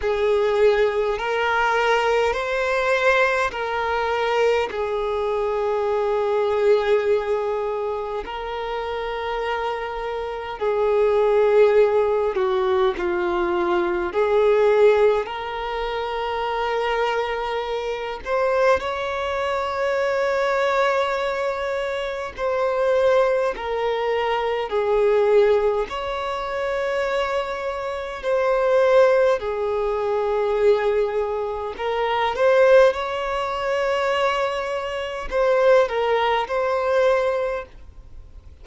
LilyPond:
\new Staff \with { instrumentName = "violin" } { \time 4/4 \tempo 4 = 51 gis'4 ais'4 c''4 ais'4 | gis'2. ais'4~ | ais'4 gis'4. fis'8 f'4 | gis'4 ais'2~ ais'8 c''8 |
cis''2. c''4 | ais'4 gis'4 cis''2 | c''4 gis'2 ais'8 c''8 | cis''2 c''8 ais'8 c''4 | }